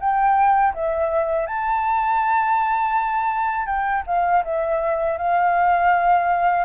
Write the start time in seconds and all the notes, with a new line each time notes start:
0.00 G5
0.74 E5
1.47 A5
3.66 G5
4.07 F5
4.44 E5
5.18 F5